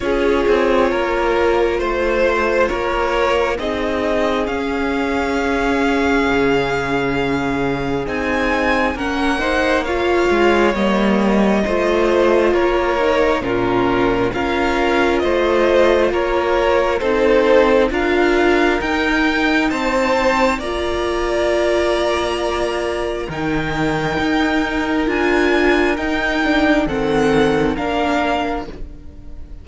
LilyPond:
<<
  \new Staff \with { instrumentName = "violin" } { \time 4/4 \tempo 4 = 67 cis''2 c''4 cis''4 | dis''4 f''2.~ | f''4 gis''4 fis''4 f''4 | dis''2 cis''4 ais'4 |
f''4 dis''4 cis''4 c''4 | f''4 g''4 a''4 ais''4~ | ais''2 g''2 | gis''4 g''4 fis''4 f''4 | }
  \new Staff \with { instrumentName = "violin" } { \time 4/4 gis'4 ais'4 c''4 ais'4 | gis'1~ | gis'2 ais'8 c''8 cis''4~ | cis''4 c''4 ais'4 f'4 |
ais'4 c''4 ais'4 a'4 | ais'2 c''4 d''4~ | d''2 ais'2~ | ais'2 a'4 ais'4 | }
  \new Staff \with { instrumentName = "viola" } { \time 4/4 f'1 | dis'4 cis'2.~ | cis'4 dis'4 cis'8 dis'8 f'4 | ais4 f'4. dis'8 cis'4 |
f'2. dis'4 | f'4 dis'2 f'4~ | f'2 dis'2 | f'4 dis'8 d'8 c'4 d'4 | }
  \new Staff \with { instrumentName = "cello" } { \time 4/4 cis'8 c'8 ais4 a4 ais4 | c'4 cis'2 cis4~ | cis4 c'4 ais4. gis8 | g4 a4 ais4 ais,4 |
cis'4 a4 ais4 c'4 | d'4 dis'4 c'4 ais4~ | ais2 dis4 dis'4 | d'4 dis'4 dis4 ais4 | }
>>